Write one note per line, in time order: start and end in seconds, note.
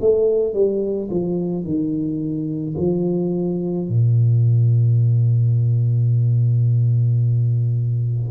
0.00 0.54 A3
0.54 1.09 G3
1.10 1.64 F3
1.64 2.75 D#3
2.77 3.88 F3
3.88 8.31 A#2